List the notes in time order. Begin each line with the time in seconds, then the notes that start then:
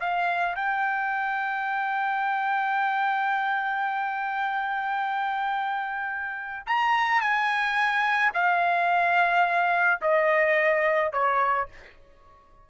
0.00 F5
0.55 G5
6.66 A#5
7.21 G#5
8.34 F5
10.01 D#5
11.13 C#5